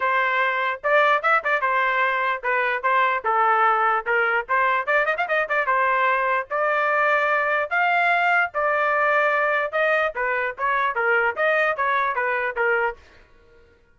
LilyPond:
\new Staff \with { instrumentName = "trumpet" } { \time 4/4 \tempo 4 = 148 c''2 d''4 e''8 d''8 | c''2 b'4 c''4 | a'2 ais'4 c''4 | d''8 dis''16 f''16 dis''8 d''8 c''2 |
d''2. f''4~ | f''4 d''2. | dis''4 b'4 cis''4 ais'4 | dis''4 cis''4 b'4 ais'4 | }